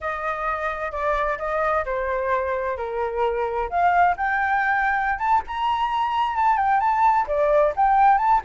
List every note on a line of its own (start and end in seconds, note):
0.00 0.91 D#5
0.91 1.37 D5
1.38 1.84 D#5
1.85 2.77 C5
2.77 3.69 A#4
3.69 4.15 F5
4.16 5.18 G5
5.18 5.41 A5
5.47 6.36 A#5
6.36 6.56 A5
6.56 6.80 G5
6.80 7.26 A5
7.27 7.73 D5
7.76 8.18 G5
8.18 8.41 A5